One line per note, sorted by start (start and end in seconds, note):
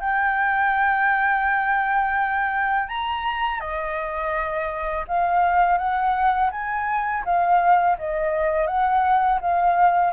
0.00 2.88 G5
2.88 3.60 A#5
3.60 5.05 D#5
5.08 5.78 F5
5.78 6.50 F#5
6.51 7.24 G#5
7.25 7.97 F5
7.98 8.67 D#5
8.67 9.39 F#5
9.41 10.13 F5